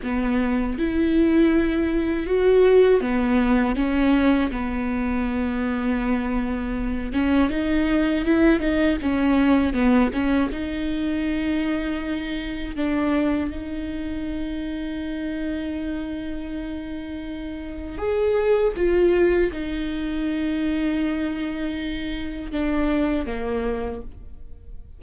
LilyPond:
\new Staff \with { instrumentName = "viola" } { \time 4/4 \tempo 4 = 80 b4 e'2 fis'4 | b4 cis'4 b2~ | b4. cis'8 dis'4 e'8 dis'8 | cis'4 b8 cis'8 dis'2~ |
dis'4 d'4 dis'2~ | dis'1 | gis'4 f'4 dis'2~ | dis'2 d'4 ais4 | }